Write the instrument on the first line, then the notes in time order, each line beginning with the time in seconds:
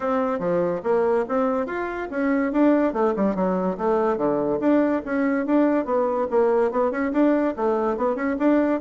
bassoon
0.00 C4
0.39 F3
0.83 A#3
1.28 C4
1.66 F4
2.10 C#4
2.52 D4
2.93 A3
3.16 G3
3.35 F#3
3.77 A3
4.17 D3
4.60 D4
5.05 C#4
5.46 D4
5.85 B3
6.30 A#3
6.71 B3
6.91 C#4
7.12 D4
7.56 A3
7.97 B3
8.15 C#4
8.38 D4